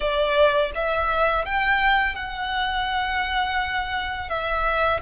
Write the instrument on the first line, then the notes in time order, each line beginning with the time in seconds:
violin
0.00 D5
0.74 E5
1.45 G5
2.15 F#5
4.29 E5